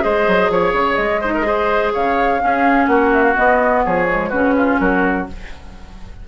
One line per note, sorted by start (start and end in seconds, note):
0.00 0.27 G#3
0.00 1.19 G#4
0.00 0.51 C5
0.00 0.50 D#5
0.27 0.49 F#3
0.49 0.72 F3
0.49 1.20 C#5
0.49 0.95 C#5
0.72 0.96 C#3
0.95 1.93 G#3
0.95 1.90 D#5
1.20 1.42 D#4
1.20 1.32 C5
1.34 1.45 A#4
1.42 2.37 G#4
1.42 1.93 C5
1.93 2.43 C#3
1.93 2.40 C#5
1.93 2.86 F5
2.39 3.34 C#4
2.39 2.87 C#4
2.39 2.89 G#4
2.86 3.35 A#3
2.86 3.84 F#4
2.86 3.10 F#5
3.13 3.22 E5
3.22 3.34 F5
3.34 4.06 B3
3.34 3.86 B3
3.34 3.83 D#5
3.84 4.32 F3
3.84 4.29 G#4
3.84 4.29 C#5
4.09 4.32 G#3
4.29 4.79 C#3
4.29 5.27 C#4
4.29 4.53 F#4
4.29 4.77 B4
4.56 4.80 F4
4.78 5.27 F#3
4.78 5.27 F#4
4.78 5.26 A#4